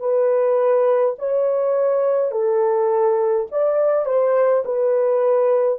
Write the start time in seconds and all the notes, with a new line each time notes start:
0.00 B4
1.19 C#5
2.32 A4
3.52 D5
4.06 C5
4.65 B4